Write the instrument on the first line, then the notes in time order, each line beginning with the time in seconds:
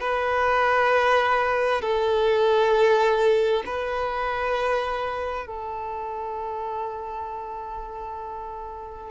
violin
0.00 B4
1.81 A4
3.65 B4
5.46 A4